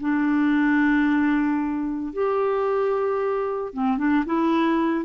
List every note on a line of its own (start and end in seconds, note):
0.00 2.13 D4
2.13 3.73 G4
3.73 3.97 C4
3.97 4.24 D4
4.25 5.05 E4